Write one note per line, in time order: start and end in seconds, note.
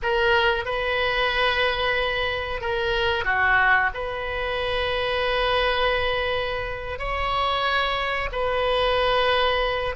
0.02 0.65 A#4
0.65 2.60 B4
2.60 3.24 A#4
3.24 3.90 F#4
3.93 6.98 B4
6.98 8.29 C#5
8.32 9.95 B4